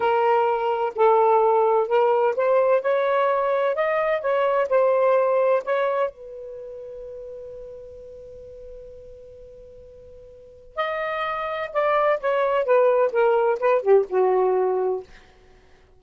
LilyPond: \new Staff \with { instrumentName = "saxophone" } { \time 4/4 \tempo 4 = 128 ais'2 a'2 | ais'4 c''4 cis''2 | dis''4 cis''4 c''2 | cis''4 b'2.~ |
b'1~ | b'2. dis''4~ | dis''4 d''4 cis''4 b'4 | ais'4 b'8 g'8 fis'2 | }